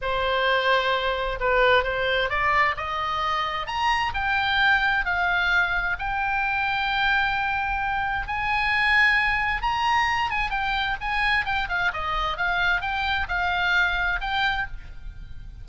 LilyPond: \new Staff \with { instrumentName = "oboe" } { \time 4/4 \tempo 4 = 131 c''2. b'4 | c''4 d''4 dis''2 | ais''4 g''2 f''4~ | f''4 g''2.~ |
g''2 gis''2~ | gis''4 ais''4. gis''8 g''4 | gis''4 g''8 f''8 dis''4 f''4 | g''4 f''2 g''4 | }